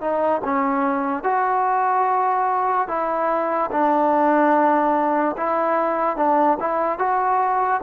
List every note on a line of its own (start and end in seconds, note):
0.00 0.41 D#4
0.44 1.23 C#4
1.23 2.87 F#4
2.87 3.69 E4
3.71 5.36 D4
5.36 6.16 E4
6.16 6.58 D4
6.59 6.98 E4
6.98 7.80 F#4